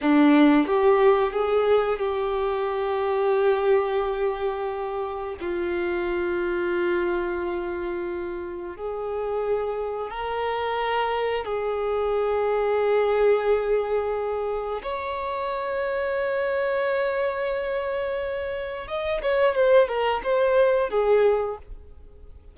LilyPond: \new Staff \with { instrumentName = "violin" } { \time 4/4 \tempo 4 = 89 d'4 g'4 gis'4 g'4~ | g'1 | f'1~ | f'4 gis'2 ais'4~ |
ais'4 gis'2.~ | gis'2 cis''2~ | cis''1 | dis''8 cis''8 c''8 ais'8 c''4 gis'4 | }